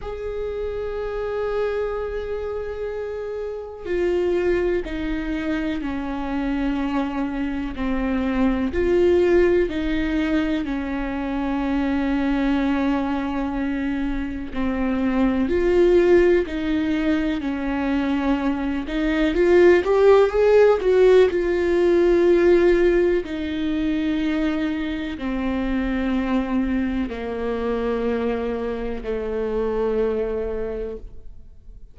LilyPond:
\new Staff \with { instrumentName = "viola" } { \time 4/4 \tempo 4 = 62 gis'1 | f'4 dis'4 cis'2 | c'4 f'4 dis'4 cis'4~ | cis'2. c'4 |
f'4 dis'4 cis'4. dis'8 | f'8 g'8 gis'8 fis'8 f'2 | dis'2 c'2 | ais2 a2 | }